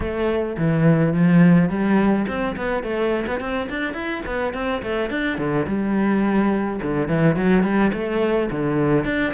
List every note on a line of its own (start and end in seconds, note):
0.00 0.56 A3
0.57 1.13 E3
1.13 1.69 F3
1.69 2.26 G3
2.27 2.55 C4
2.56 2.83 B3
2.83 3.25 A3
3.27 3.40 B3
3.40 3.68 C4
3.69 3.93 D4
3.93 4.21 E4
4.26 4.53 B3
4.53 4.81 C4
4.82 5.09 A3
5.09 5.37 D4
5.37 5.66 D3
5.67 6.80 G3
6.82 7.08 D3
7.08 7.36 E3
7.36 7.63 F#3
7.63 7.91 G3
7.93 8.49 A3
8.50 9.04 D3
9.04 9.33 D4